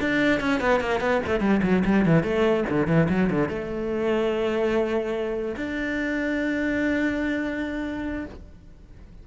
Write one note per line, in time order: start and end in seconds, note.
0.00 0.40 D4
0.40 0.60 C#4
0.60 0.80 B3
0.80 1.00 A#3
1.00 1.21 B3
1.26 1.40 A3
1.40 1.61 G3
1.63 1.83 F#3
1.85 2.05 G3
2.05 2.23 E3
2.23 2.64 A3
2.69 2.87 D3
2.87 3.08 E3
3.09 3.30 F#3
3.30 3.49 D3
3.49 5.55 A3
5.56 8.25 D4